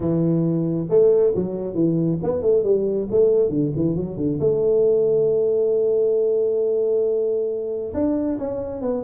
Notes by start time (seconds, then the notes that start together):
0.00 E3
0.89 A3
1.35 F#3
1.74 E3
2.22 B3
2.41 A3
2.63 G3
3.10 A3
3.49 D3
3.75 E3
3.96 F#3
4.17 D3
4.40 A3
7.94 D4
8.38 C#4
8.81 B3